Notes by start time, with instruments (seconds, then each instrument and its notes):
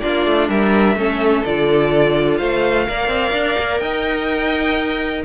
0.00 cello A#3, viola D4, violin F4 D5
0.26 cello A3
0.49 cello G3, violin A#4 E5
0.95 cello A3, viola C#4, violin A4
1.45 cello D3, viola F4, violin D5
2.37 cello A3, violin C5 F5
2.87 cello A#3, viola A#4, violin D5
3.08 cello C4
3.33 cello D4
3.58 cello A#3
3.79 cello D#4, violin D#5 G5